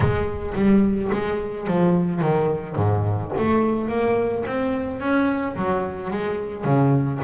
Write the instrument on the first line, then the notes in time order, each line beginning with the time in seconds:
double bass
0.00 G#3
0.54 G3
1.12 G#3
1.67 F3
2.21 D#3
2.76 G#2
3.37 A3
3.88 A#3
4.46 C4
5.00 C#4
5.56 F#3
6.10 G#3
6.64 C#3